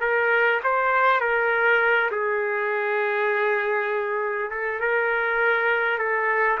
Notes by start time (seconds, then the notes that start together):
0.00 A#4
0.63 C5
1.20 A#4
2.11 G#4
4.50 A4
4.80 A#4
5.98 A4